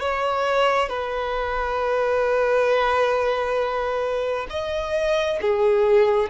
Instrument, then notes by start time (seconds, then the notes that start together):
violin
0.00 C#5
0.89 B4
4.50 D#5
5.41 G#4